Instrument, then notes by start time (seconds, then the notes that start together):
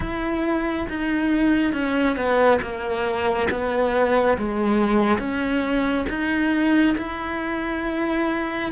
cello
0.00 E4
0.89 D#4
1.72 C#4
2.16 B3
2.61 A#3
3.50 B3
4.38 G#3
5.19 C#4
6.09 D#4
6.97 E4